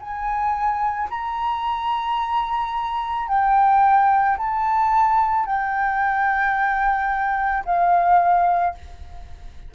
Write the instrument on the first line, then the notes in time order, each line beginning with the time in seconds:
flute
0.00 G#5
1.10 A#5
3.28 G5
4.37 A5
5.46 G5
7.65 F5